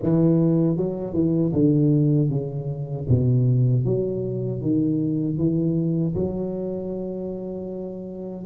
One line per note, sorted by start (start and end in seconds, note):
0.02 0.76 E3
0.76 1.13 F#3
1.13 1.52 E3
1.52 2.29 D3
2.29 3.06 C#3
3.08 3.85 B2
3.85 4.61 F#3
4.61 5.37 D#3
5.37 6.14 E3
6.15 8.45 F#3